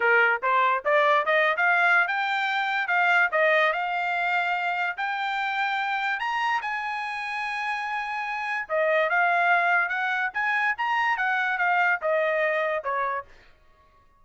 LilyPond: \new Staff \with { instrumentName = "trumpet" } { \time 4/4 \tempo 4 = 145 ais'4 c''4 d''4 dis''8. f''16~ | f''4 g''2 f''4 | dis''4 f''2. | g''2. ais''4 |
gis''1~ | gis''4 dis''4 f''2 | fis''4 gis''4 ais''4 fis''4 | f''4 dis''2 cis''4 | }